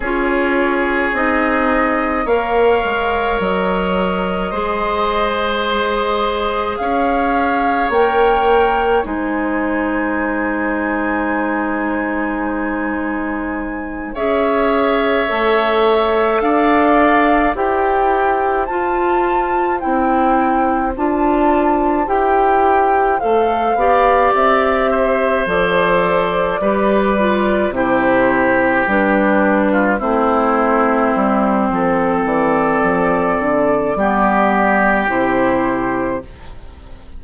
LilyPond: <<
  \new Staff \with { instrumentName = "flute" } { \time 4/4 \tempo 4 = 53 cis''4 dis''4 f''4 dis''4~ | dis''2 f''4 g''4 | gis''1~ | gis''8 e''2 f''4 g''8~ |
g''8 a''4 g''4 a''4 g''8~ | g''8 f''4 e''4 d''4.~ | d''8 c''4 b'4 c''4.~ | c''8 d''2~ d''8 c''4 | }
  \new Staff \with { instrumentName = "oboe" } { \time 4/4 gis'2 cis''2 | c''2 cis''2 | c''1~ | c''8 cis''2 d''4 c''8~ |
c''1~ | c''4 d''4 c''4. b'8~ | b'8 g'4.~ g'16 f'16 e'4. | a'2 g'2 | }
  \new Staff \with { instrumentName = "clarinet" } { \time 4/4 f'4 dis'4 ais'2 | gis'2. ais'4 | dis'1~ | dis'8 gis'4 a'2 g'8~ |
g'8 f'4 e'4 f'4 g'8~ | g'8 a'8 g'4. a'4 g'8 | f'8 e'4 d'4 c'4.~ | c'2 b4 e'4 | }
  \new Staff \with { instrumentName = "bassoon" } { \time 4/4 cis'4 c'4 ais8 gis8 fis4 | gis2 cis'4 ais4 | gis1~ | gis8 cis'4 a4 d'4 e'8~ |
e'8 f'4 c'4 d'4 e'8~ | e'8 a8 b8 c'4 f4 g8~ | g8 c4 g4 a4 g8 | f8 e8 f8 d8 g4 c4 | }
>>